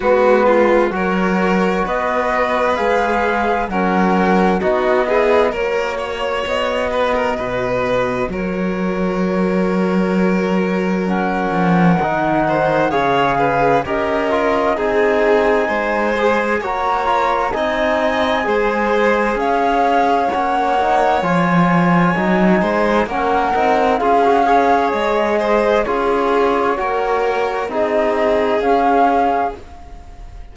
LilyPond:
<<
  \new Staff \with { instrumentName = "flute" } { \time 4/4 \tempo 4 = 65 b'4 cis''4 dis''4 f''4 | fis''4 dis''4 cis''4 dis''4~ | dis''4 cis''2. | fis''2 f''4 dis''4 |
gis''2 ais''4 gis''4~ | gis''4 f''4 fis''4 gis''4~ | gis''4 fis''4 f''4 dis''4 | cis''2 dis''4 f''4 | }
  \new Staff \with { instrumentName = "violin" } { \time 4/4 fis'8 f'8 ais'4 b'2 | ais'4 fis'8 gis'8 ais'8 cis''4 b'16 ais'16 | b'4 ais'2.~ | ais'4. c''8 cis''8 b'8 ais'4 |
gis'4 c''4 cis''4 dis''4 | c''4 cis''2.~ | cis''8 c''8 ais'4 gis'8 cis''4 c''8 | gis'4 ais'4 gis'2 | }
  \new Staff \with { instrumentName = "trombone" } { \time 4/4 b4 fis'2 gis'4 | cis'4 dis'8 e'8 fis'2~ | fis'1 | cis'4 dis'4 gis'4 g'8 f'8 |
dis'4. gis'8 fis'8 f'8 dis'4 | gis'2 cis'8 dis'8 f'4 | dis'4 cis'8 dis'8 f'16 fis'16 gis'4. | f'4 fis'4 dis'4 cis'4 | }
  \new Staff \with { instrumentName = "cello" } { \time 4/4 gis4 fis4 b4 gis4 | fis4 b4 ais4 b4 | b,4 fis2.~ | fis8 f8 dis4 cis4 cis'4 |
c'4 gis4 ais4 c'4 | gis4 cis'4 ais4 f4 | fis8 gis8 ais8 c'8 cis'4 gis4 | cis'4 ais4 c'4 cis'4 | }
>>